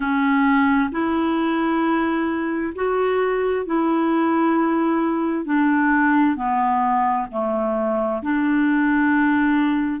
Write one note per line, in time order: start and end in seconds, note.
0.00 0.90 C#4
0.91 2.73 E4
2.75 3.66 F#4
3.66 5.45 E4
5.45 6.36 D4
6.36 7.26 B3
7.31 8.22 A3
8.22 10.00 D4